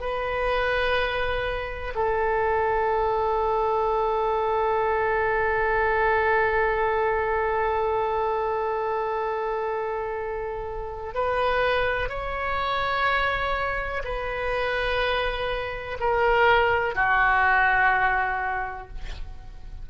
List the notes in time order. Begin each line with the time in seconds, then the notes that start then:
0.00 B4
1.94 A4
11.14 B4
12.09 C#5
14.04 B4
15.99 A#4
16.94 F#4